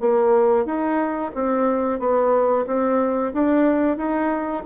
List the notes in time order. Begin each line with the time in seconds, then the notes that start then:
0.00 A#3
0.65 D#4
1.34 C4
1.99 B3
2.66 C4
3.33 D4
3.97 D#4